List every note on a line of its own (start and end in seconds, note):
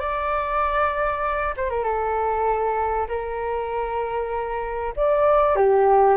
0.00 1.55 D5
1.57 1.70 C5
1.70 1.84 A#4
1.84 3.08 A4
3.08 4.94 A#4
4.97 5.56 D5
5.56 6.17 G4